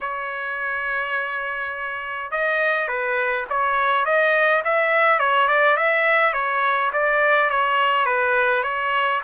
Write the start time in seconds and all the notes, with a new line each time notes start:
0.01 C#5
2.31 D#5
2.88 B4
3.49 C#5
4.05 D#5
4.64 E5
5.19 C#5
5.48 D5
5.76 E5
6.33 C#5
6.92 D5
7.50 C#5
8.05 B4
8.63 C#5